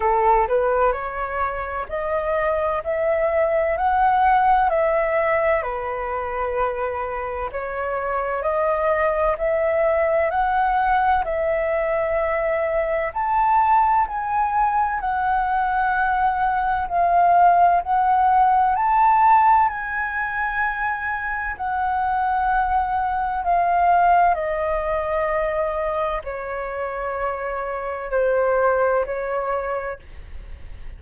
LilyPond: \new Staff \with { instrumentName = "flute" } { \time 4/4 \tempo 4 = 64 a'8 b'8 cis''4 dis''4 e''4 | fis''4 e''4 b'2 | cis''4 dis''4 e''4 fis''4 | e''2 a''4 gis''4 |
fis''2 f''4 fis''4 | a''4 gis''2 fis''4~ | fis''4 f''4 dis''2 | cis''2 c''4 cis''4 | }